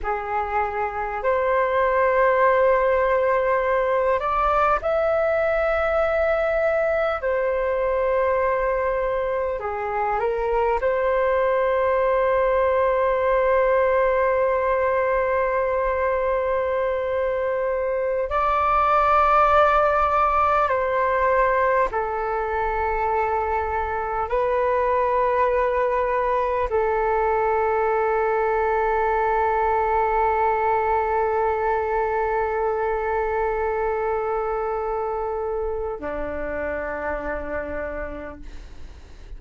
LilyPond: \new Staff \with { instrumentName = "flute" } { \time 4/4 \tempo 4 = 50 gis'4 c''2~ c''8 d''8 | e''2 c''2 | gis'8 ais'8 c''2.~ | c''2.~ c''16 d''8.~ |
d''4~ d''16 c''4 a'4.~ a'16~ | a'16 b'2 a'4.~ a'16~ | a'1~ | a'2 d'2 | }